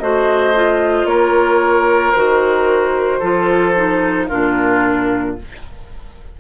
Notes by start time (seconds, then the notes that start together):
0.00 A3 F#4 C5 D#5
0.55 F4
1.05 A#3 A#4 C#5
2.13 D#3 F#4 C5
3.20 F3 F4 A4
3.76 D#4
4.28 A#2 D4 F4 A#4